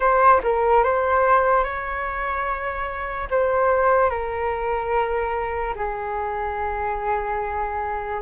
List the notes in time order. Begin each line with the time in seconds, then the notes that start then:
0.00 C5
0.43 A#4
0.83 C5
1.64 C#5
3.30 C5
4.09 A#4
5.75 G#4